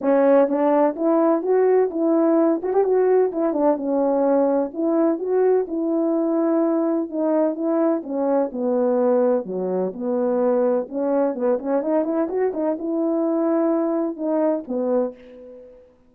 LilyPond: \new Staff \with { instrumentName = "horn" } { \time 4/4 \tempo 4 = 127 cis'4 d'4 e'4 fis'4 | e'4. fis'16 g'16 fis'4 e'8 d'8 | cis'2 e'4 fis'4 | e'2. dis'4 |
e'4 cis'4 b2 | fis4 b2 cis'4 | b8 cis'8 dis'8 e'8 fis'8 dis'8 e'4~ | e'2 dis'4 b4 | }